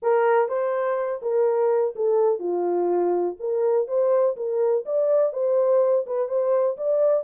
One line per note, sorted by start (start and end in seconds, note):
0.02 0.48 A#4
0.48 1.21 C5
1.22 1.94 A#4
1.95 2.39 A4
2.39 3.35 F4
3.39 3.87 A#4
3.87 4.35 C5
4.36 4.84 A#4
4.85 5.32 D5
5.32 6.05 C5
6.06 6.28 B4
6.28 6.76 C5
6.77 7.23 D5